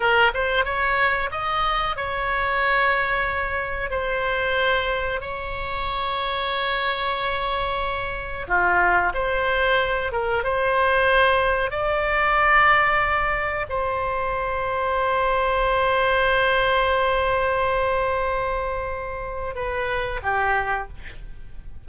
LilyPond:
\new Staff \with { instrumentName = "oboe" } { \time 4/4 \tempo 4 = 92 ais'8 c''8 cis''4 dis''4 cis''4~ | cis''2 c''2 | cis''1~ | cis''4 f'4 c''4. ais'8 |
c''2 d''2~ | d''4 c''2.~ | c''1~ | c''2 b'4 g'4 | }